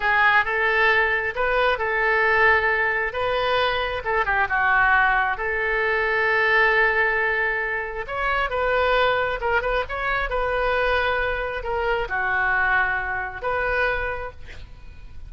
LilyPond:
\new Staff \with { instrumentName = "oboe" } { \time 4/4 \tempo 4 = 134 gis'4 a'2 b'4 | a'2. b'4~ | b'4 a'8 g'8 fis'2 | a'1~ |
a'2 cis''4 b'4~ | b'4 ais'8 b'8 cis''4 b'4~ | b'2 ais'4 fis'4~ | fis'2 b'2 | }